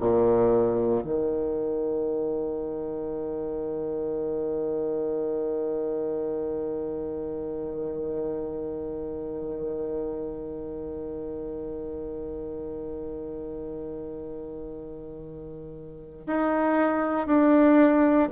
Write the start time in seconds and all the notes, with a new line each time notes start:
0.00 A#2
1.04 D#3
16.27 D#4
17.27 D4